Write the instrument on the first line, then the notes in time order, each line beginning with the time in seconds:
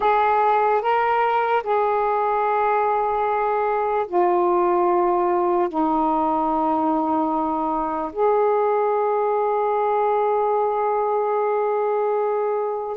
saxophone
0.00 G#4
0.81 A#4
1.63 G#4
4.07 F4
5.68 D#4
8.12 G#4